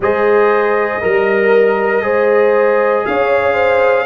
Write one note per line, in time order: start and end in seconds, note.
0.00 0.99 G#3
0.00 1.02 G#4
0.00 1.00 C5
0.00 3.05 D#5
1.00 2.02 G3
1.00 2.02 A#4
2.02 3.03 G#3
2.02 4.05 G#4
2.02 3.05 C5
3.05 4.06 C#4
3.05 3.53 C#5
3.05 4.06 F5
3.53 4.04 C5